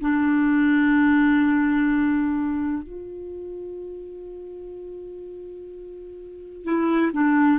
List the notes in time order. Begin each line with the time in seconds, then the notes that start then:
0.00 D4
2.82 F4
6.64 E4
7.12 D4